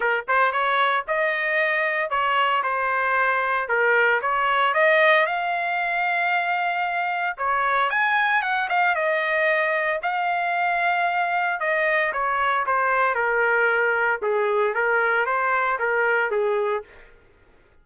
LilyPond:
\new Staff \with { instrumentName = "trumpet" } { \time 4/4 \tempo 4 = 114 ais'8 c''8 cis''4 dis''2 | cis''4 c''2 ais'4 | cis''4 dis''4 f''2~ | f''2 cis''4 gis''4 |
fis''8 f''8 dis''2 f''4~ | f''2 dis''4 cis''4 | c''4 ais'2 gis'4 | ais'4 c''4 ais'4 gis'4 | }